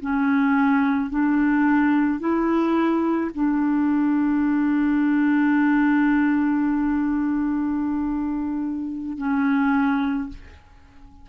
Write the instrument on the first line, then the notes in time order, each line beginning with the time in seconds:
clarinet
0.00 C#4
1.10 D4
2.19 E4
3.34 D4
9.17 C#4